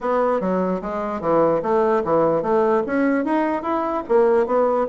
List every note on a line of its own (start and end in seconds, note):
0.01 0.40 B3
0.40 0.81 F#3
0.81 1.21 G#3
1.21 1.61 E3
1.62 2.03 A3
2.04 2.42 E3
2.42 2.82 A3
2.86 3.24 C#4
3.24 3.62 D#4
3.62 4.03 E4
4.08 4.46 A#3
4.46 4.86 B3